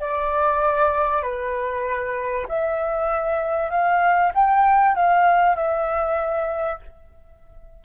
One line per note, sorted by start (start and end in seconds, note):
0.00 1.23 D5
1.23 2.46 B4
2.49 3.71 E5
3.71 4.32 F5
4.34 4.95 G5
4.95 5.56 F5
5.56 6.80 E5